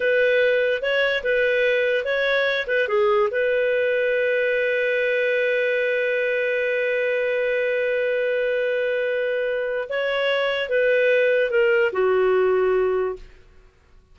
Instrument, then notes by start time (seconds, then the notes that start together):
clarinet
0.00 B4
0.81 C#5
1.23 B4
2.04 C#5
2.67 B4
2.88 G#4
3.30 B4
9.89 C#5
10.69 B4
11.50 A#4
11.92 F#4